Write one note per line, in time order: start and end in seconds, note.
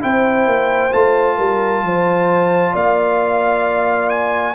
0.00 0.46 C4
0.00 0.91 E4
0.00 1.37 C5
0.00 0.93 G5
0.46 0.92 A#3
0.91 1.38 A3
0.91 4.55 F4
0.91 2.75 A5
1.37 1.83 G3
1.37 1.83 A#4
1.83 2.74 F3
1.83 2.72 C5
2.72 4.55 A#3
2.72 4.54 D5
2.72 4.09 F5
4.09 4.55 G#5